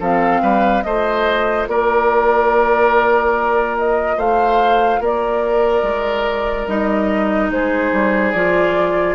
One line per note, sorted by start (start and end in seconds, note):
0.00 0.42 F3
0.00 0.85 C4
0.00 0.42 A4
0.00 0.83 F5
0.42 0.84 G3
0.42 0.84 B4
0.83 1.68 A3
0.83 6.68 F4
0.83 1.69 C5
0.83 1.66 D#5
1.68 4.17 A#3
1.68 4.17 A#4
1.68 3.77 D5
3.78 4.20 D#5
4.17 5.00 A3
4.17 5.01 C5
4.17 5.03 F5
5.00 5.83 A#3
5.00 7.51 A#4
5.00 6.68 D5
5.83 6.66 G#3
6.67 7.50 G3
6.67 8.35 D#4
6.67 7.51 D#5
7.50 7.92 G#3
7.50 9.15 G#4
7.50 8.32 C5
7.93 8.34 G3
8.32 9.15 F3
8.32 9.15 F4
8.32 9.15 D5